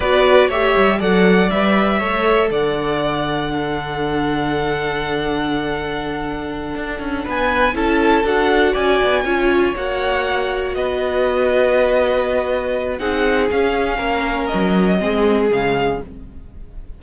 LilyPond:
<<
  \new Staff \with { instrumentName = "violin" } { \time 4/4 \tempo 4 = 120 d''4 e''4 fis''4 e''4~ | e''4 fis''2.~ | fis''1~ | fis''2~ fis''8 gis''4 a''8~ |
a''8 fis''4 gis''2 fis''8~ | fis''4. dis''2~ dis''8~ | dis''2 fis''4 f''4~ | f''4 dis''2 f''4 | }
  \new Staff \with { instrumentName = "violin" } { \time 4/4 b'4 cis''4 d''2 | cis''4 d''2 a'4~ | a'1~ | a'2~ a'8 b'4 a'8~ |
a'4. d''4 cis''4.~ | cis''4. b'2~ b'8~ | b'2 gis'2 | ais'2 gis'2 | }
  \new Staff \with { instrumentName = "viola" } { \time 4/4 fis'4 g'4 a'4 b'4 | a'2. d'4~ | d'1~ | d'2.~ d'8 e'8~ |
e'8 fis'2 f'4 fis'8~ | fis'1~ | fis'2 dis'4 cis'4~ | cis'2 c'4 gis4 | }
  \new Staff \with { instrumentName = "cello" } { \time 4/4 b4 a8 g8 fis4 g4 | a4 d2.~ | d1~ | d4. d'8 cis'8 b4 cis'8~ |
cis'8 d'4 cis'8 b8 cis'4 ais8~ | ais4. b2~ b8~ | b2 c'4 cis'4 | ais4 fis4 gis4 cis4 | }
>>